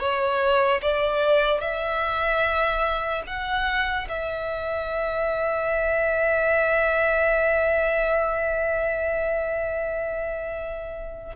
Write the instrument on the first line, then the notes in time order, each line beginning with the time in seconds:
violin
0.00 C#5
0.82 D5
1.61 E5
3.27 F#5
4.09 E5